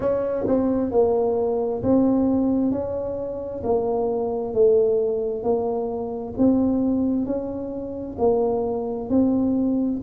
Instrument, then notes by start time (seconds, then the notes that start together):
tuba
0.00 C#4
0.47 C4
0.91 A#3
1.83 C4
2.71 C#4
3.63 A#3
4.53 A3
5.43 A#3
6.37 C4
7.25 C#4
8.18 A#3
9.09 C4